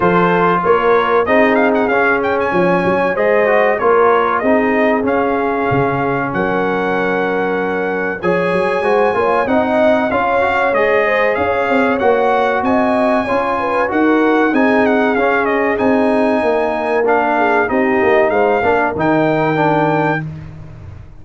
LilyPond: <<
  \new Staff \with { instrumentName = "trumpet" } { \time 4/4 \tempo 4 = 95 c''4 cis''4 dis''8 f''16 fis''16 f''8 g''16 gis''16~ | gis''4 dis''4 cis''4 dis''4 | f''2 fis''2~ | fis''4 gis''2 fis''4 |
f''4 dis''4 f''4 fis''4 | gis''2 fis''4 gis''8 fis''8 | f''8 dis''8 gis''2 f''4 | dis''4 f''4 g''2 | }
  \new Staff \with { instrumentName = "horn" } { \time 4/4 a'4 ais'4 gis'2 | cis''4 c''4 ais'4 gis'4~ | gis'2 ais'2~ | ais'4 cis''4 c''8 cis''8 dis''4 |
cis''4. c''8 cis''2 | dis''4 cis''8 b'8 ais'4 gis'4~ | gis'2 ais'4. gis'8 | g'4 c''8 ais'2~ ais'8 | }
  \new Staff \with { instrumentName = "trombone" } { \time 4/4 f'2 dis'4 cis'4~ | cis'4 gis'8 fis'8 f'4 dis'4 | cis'1~ | cis'4 gis'4 fis'8 f'8 dis'4 |
f'8 fis'8 gis'2 fis'4~ | fis'4 f'4 fis'4 dis'4 | cis'4 dis'2 d'4 | dis'4. d'8 dis'4 d'4 | }
  \new Staff \with { instrumentName = "tuba" } { \time 4/4 f4 ais4 c'4 cis'4 | f8 fis8 gis4 ais4 c'4 | cis'4 cis4 fis2~ | fis4 f8 fis8 gis8 ais8 c'4 |
cis'4 gis4 cis'8 c'8 ais4 | c'4 cis'4 dis'4 c'4 | cis'4 c'4 ais2 | c'8 ais8 gis8 ais8 dis2 | }
>>